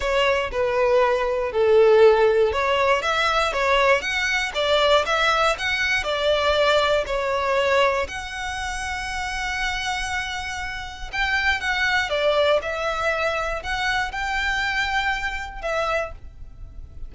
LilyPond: \new Staff \with { instrumentName = "violin" } { \time 4/4 \tempo 4 = 119 cis''4 b'2 a'4~ | a'4 cis''4 e''4 cis''4 | fis''4 d''4 e''4 fis''4 | d''2 cis''2 |
fis''1~ | fis''2 g''4 fis''4 | d''4 e''2 fis''4 | g''2. e''4 | }